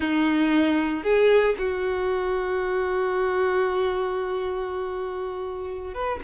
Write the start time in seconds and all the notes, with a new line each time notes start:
0.00 D#4
1.03 G#4
1.58 F#4
5.94 B4